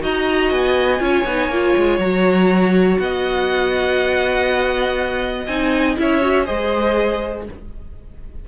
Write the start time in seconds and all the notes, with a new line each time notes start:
0.00 D#4 F#4 D#5 A#5
0.50 B3 G#5
0.99 C#4 F4 C#5
1.25 B3 D#4
1.49 A#3 F4
1.76 G#3
1.98 F#3 F#4 A#5
2.98 B3 D#5 F#5
5.46 C4 D#4 G#5
5.96 C#4 E4 C#5 E5
6.21 F#4
6.45 G#3 G#4 C5 D#5